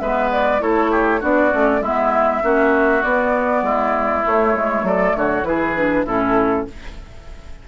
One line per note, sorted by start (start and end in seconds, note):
0.00 0.62 G#3
0.00 0.60 B3
0.00 0.62 B4
0.00 0.30 E5
0.32 0.62 D5
0.60 1.23 A3
0.60 1.21 E4
0.60 0.92 A4
0.60 1.22 C#5
0.92 1.20 G4
1.20 1.53 B3
1.20 1.51 D4
1.20 1.81 F#4
1.20 1.83 D5
1.51 1.81 A3
1.51 1.81 C#4
1.81 2.42 G#3
1.81 2.42 B3
1.81 2.43 E4
1.81 3.03 E5
2.42 3.04 A#3
2.42 3.03 C#4
2.42 3.65 F#4
3.03 4.23 B3
3.03 3.63 B3
3.03 4.24 D5
3.63 4.23 G#3
3.63 4.86 E4
4.23 5.44 A3
4.23 4.55 A3
4.23 4.88 C#5
4.55 4.83 G#3
4.83 5.13 F#3
4.83 5.16 A4
4.83 5.17 D5
5.16 5.44 D3
5.16 5.48 F#4
5.16 5.44 C#5
5.44 6.05 E3
5.44 5.75 E4
5.44 6.06 G#4
5.44 6.05 B4
5.77 6.07 D4
6.06 6.67 A2
6.06 6.68 C#4
6.06 6.66 E4
6.06 6.68 A4